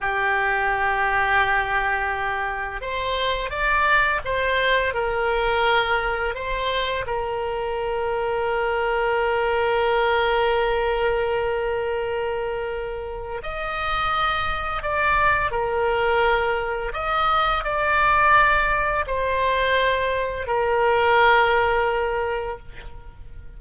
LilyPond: \new Staff \with { instrumentName = "oboe" } { \time 4/4 \tempo 4 = 85 g'1 | c''4 d''4 c''4 ais'4~ | ais'4 c''4 ais'2~ | ais'1~ |
ais'2. dis''4~ | dis''4 d''4 ais'2 | dis''4 d''2 c''4~ | c''4 ais'2. | }